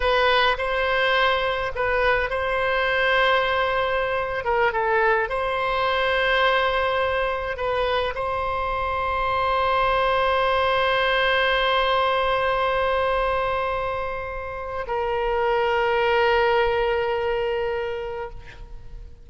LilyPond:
\new Staff \with { instrumentName = "oboe" } { \time 4/4 \tempo 4 = 105 b'4 c''2 b'4 | c''2.~ c''8. ais'16~ | ais'16 a'4 c''2~ c''8.~ | c''4~ c''16 b'4 c''4.~ c''16~ |
c''1~ | c''1~ | c''2 ais'2~ | ais'1 | }